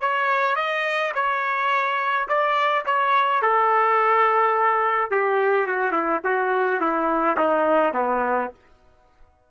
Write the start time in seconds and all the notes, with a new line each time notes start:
0.00 C#5
0.55 D#5
1.14 C#5
2.28 D5
2.85 C#5
3.42 A4
5.10 G4
5.66 F#4
5.91 E4
6.24 F#4
6.80 E4
7.37 D#4
7.93 B3